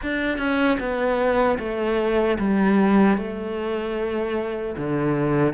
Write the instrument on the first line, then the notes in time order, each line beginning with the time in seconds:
cello
0.02 D4
0.38 C#4
0.79 B3
1.59 A3
2.38 G3
3.17 A3
4.77 D3